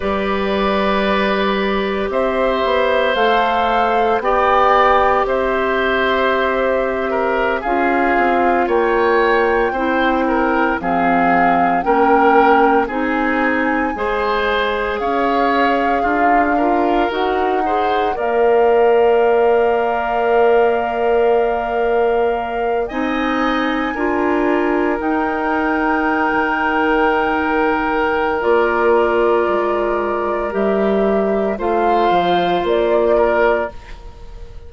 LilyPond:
<<
  \new Staff \with { instrumentName = "flute" } { \time 4/4 \tempo 4 = 57 d''2 e''4 f''4 | g''4 e''2~ e''16 f''8.~ | f''16 g''2 f''4 g''8.~ | g''16 gis''2 f''4.~ f''16~ |
f''16 fis''4 f''2~ f''8.~ | f''4.~ f''16 gis''2 g''16~ | g''2. d''4~ | d''4 e''4 f''4 d''4 | }
  \new Staff \with { instrumentName = "oboe" } { \time 4/4 b'2 c''2 | d''4 c''4.~ c''16 ais'8 gis'8.~ | gis'16 cis''4 c''8 ais'8 gis'4 ais'8.~ | ais'16 gis'4 c''4 cis''4 f'8 ais'16~ |
ais'8. c''8 d''2~ d''8.~ | d''4.~ d''16 dis''4 ais'4~ ais'16~ | ais'1~ | ais'2 c''4. ais'8 | }
  \new Staff \with { instrumentName = "clarinet" } { \time 4/4 g'2. a'4 | g'2.~ g'16 f'8.~ | f'4~ f'16 e'4 c'4 cis'8.~ | cis'16 dis'4 gis'2~ gis'8 f'16~ |
f'16 fis'8 gis'8 ais'2~ ais'8.~ | ais'4.~ ais'16 dis'4 f'4 dis'16~ | dis'2. f'4~ | f'4 g'4 f'2 | }
  \new Staff \with { instrumentName = "bassoon" } { \time 4/4 g2 c'8 b8 a4 | b4 c'2~ c'16 cis'8 c'16~ | c'16 ais4 c'4 f4 ais8.~ | ais16 c'4 gis4 cis'4 d'8.~ |
d'16 dis'4 ais2~ ais8.~ | ais4.~ ais16 c'4 d'4 dis'16~ | dis'4 dis2 ais4 | gis4 g4 a8 f8 ais4 | }
>>